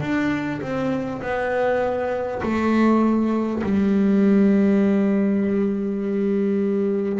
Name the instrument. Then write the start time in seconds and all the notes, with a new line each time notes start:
double bass
0.00 D4
0.61 C4
1.22 B3
2.42 A3
3.63 G3